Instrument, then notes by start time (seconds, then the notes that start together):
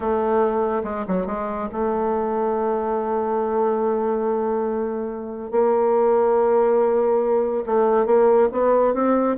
bassoon
0.00 A3
0.83 G#3
1.07 F#3
1.26 G#3
1.72 A3
5.51 A#3
7.66 A3
8.06 A#3
8.51 B3
8.94 C4